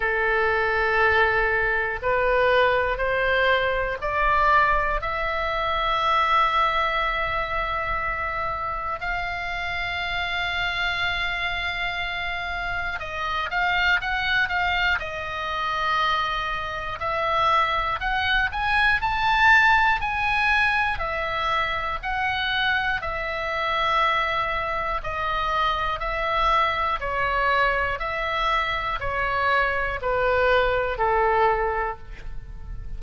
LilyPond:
\new Staff \with { instrumentName = "oboe" } { \time 4/4 \tempo 4 = 60 a'2 b'4 c''4 | d''4 e''2.~ | e''4 f''2.~ | f''4 dis''8 f''8 fis''8 f''8 dis''4~ |
dis''4 e''4 fis''8 gis''8 a''4 | gis''4 e''4 fis''4 e''4~ | e''4 dis''4 e''4 cis''4 | e''4 cis''4 b'4 a'4 | }